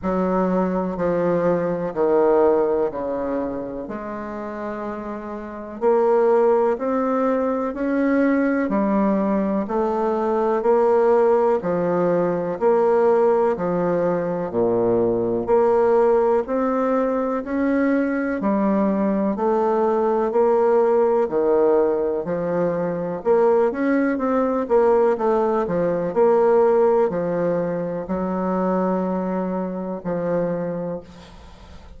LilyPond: \new Staff \with { instrumentName = "bassoon" } { \time 4/4 \tempo 4 = 62 fis4 f4 dis4 cis4 | gis2 ais4 c'4 | cis'4 g4 a4 ais4 | f4 ais4 f4 ais,4 |
ais4 c'4 cis'4 g4 | a4 ais4 dis4 f4 | ais8 cis'8 c'8 ais8 a8 f8 ais4 | f4 fis2 f4 | }